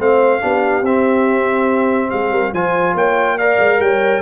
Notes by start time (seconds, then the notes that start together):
0.00 A3 C4 C5 F5
0.41 B3 D4 G4
0.82 C4 E5
2.10 G#3 G#4 F5
2.31 G3 A#4
2.54 F3 F4 C5 G#5
2.94 A#3 C#5 G5
3.38 A#4 D5 F5
3.59 G#3
3.80 G3 C#5 G5